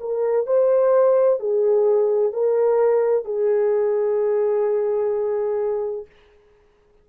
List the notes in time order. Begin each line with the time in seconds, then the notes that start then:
0.00 A#4
0.46 C5
1.40 G#4
2.33 A#4
3.25 G#4